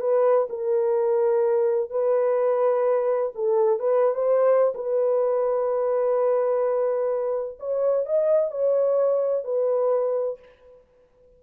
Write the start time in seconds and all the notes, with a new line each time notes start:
0.00 B4
0.49 A#4
1.90 B4
3.35 A4
3.79 B4
4.14 C5
4.75 B4
7.59 C#5
8.06 D#5
8.51 C#5
9.44 B4